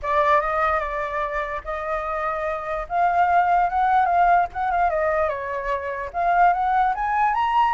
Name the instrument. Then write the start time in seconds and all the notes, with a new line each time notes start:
flute
0.02 D5
0.40 D#5
0.79 D5
1.64 D#5
2.88 F5
3.69 F#5
4.05 F5
4.53 F#5
4.71 F5
4.89 D#5
5.28 C#5
6.13 F5
6.53 F#5
6.95 G#5
7.34 A#5